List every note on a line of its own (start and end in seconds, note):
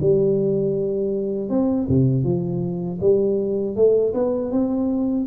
0.00 1.49 G3
1.49 1.87 C4
1.89 2.24 C3
2.24 2.99 F3
3.00 3.75 G3
3.76 4.13 A3
4.14 4.51 B3
4.51 5.26 C4